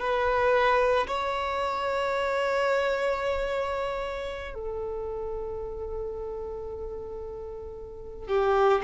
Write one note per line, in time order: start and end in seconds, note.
0.00 1.07 B4
1.07 4.55 C#5
4.55 8.28 A4
8.28 8.81 G4